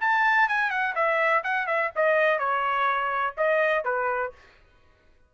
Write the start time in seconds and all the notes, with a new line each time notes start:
0.00 A5
0.48 G#5
0.70 F#5
0.95 E5
1.43 F#5
1.66 E5
1.95 D#5
2.38 C#5
3.37 D#5
3.84 B4